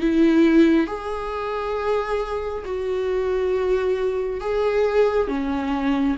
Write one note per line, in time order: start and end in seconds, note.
0.00 0.87 E4
0.87 2.64 G#4
2.65 4.40 F#4
4.40 5.27 G#4
5.27 6.16 C#4